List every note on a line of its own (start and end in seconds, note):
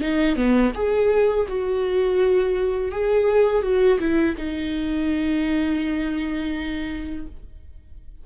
0.00 0.35 D#4
0.35 0.71 B3
0.74 1.46 G#4
1.48 2.91 F#4
2.91 3.62 G#4
3.62 3.98 F#4
3.99 4.35 E4
4.37 7.26 D#4